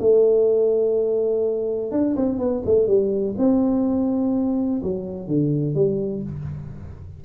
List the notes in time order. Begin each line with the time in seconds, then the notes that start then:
0.00 A3
1.91 D4
2.16 C4
2.39 B3
2.66 A3
2.87 G3
3.38 C4
4.83 F#3
5.28 D3
5.75 G3